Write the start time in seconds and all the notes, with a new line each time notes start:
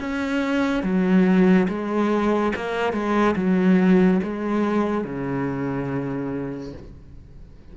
0.00 C#4
0.83 F#3
1.68 G#3
2.56 A#3
2.93 G#3
3.36 F#3
4.23 G#3
5.04 C#3